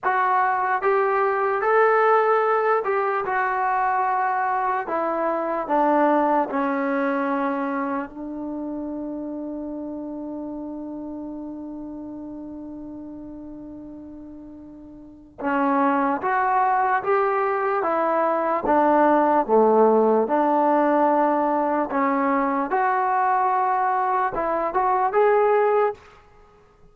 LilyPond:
\new Staff \with { instrumentName = "trombone" } { \time 4/4 \tempo 4 = 74 fis'4 g'4 a'4. g'8 | fis'2 e'4 d'4 | cis'2 d'2~ | d'1~ |
d'2. cis'4 | fis'4 g'4 e'4 d'4 | a4 d'2 cis'4 | fis'2 e'8 fis'8 gis'4 | }